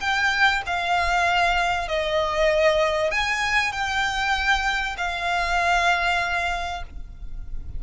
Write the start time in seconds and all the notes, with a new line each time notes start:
0.00 G5
0.66 F5
1.88 D#5
3.11 G#5
3.72 G5
4.97 F5